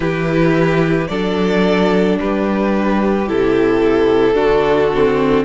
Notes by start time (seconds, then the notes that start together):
0.00 E3 E4 G4 B4
1.07 F#3 D4 A4 D5
2.20 G3 G4 B4
3.27 C3 E4 A4
4.34 D3 D4 F#4
4.93 C4